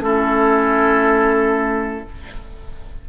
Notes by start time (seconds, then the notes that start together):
0.00 A3 C#4 E4 A4